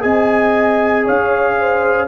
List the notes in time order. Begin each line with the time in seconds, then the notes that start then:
0.00 C4 G#4 D#5 G#5
1.05 C#4 C#5 F5
1.59 C5